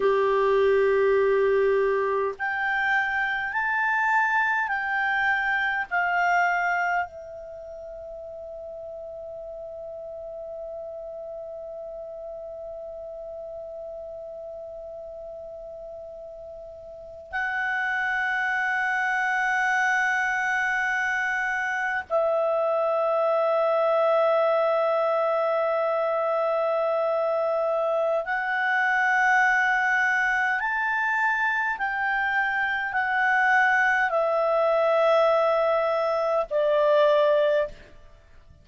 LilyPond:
\new Staff \with { instrumentName = "clarinet" } { \time 4/4 \tempo 4 = 51 g'2 g''4 a''4 | g''4 f''4 e''2~ | e''1~ | e''2~ e''8. fis''4~ fis''16~ |
fis''2~ fis''8. e''4~ e''16~ | e''1 | fis''2 a''4 g''4 | fis''4 e''2 d''4 | }